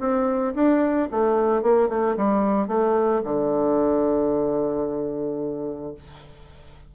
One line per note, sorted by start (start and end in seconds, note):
0.00 0.54 C4
0.55 1.09 D4
1.11 1.63 A3
1.63 1.89 A#3
1.89 2.16 A3
2.17 2.68 G3
2.68 3.22 A3
3.24 5.94 D3